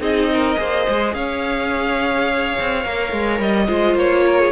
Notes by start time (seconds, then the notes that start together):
0.00 C4 D#4 G#4 D#5
0.33 A#4
0.56 A#3 G#4 C5
0.89 G#3
1.14 C#4 C#5 F5
2.60 C4
2.85 A#3 A#4
3.13 G#3
3.39 G3 D#5
3.67 G#3 F4 C5
3.95 A#3 C#5
4.27 A#4
4.40 G#4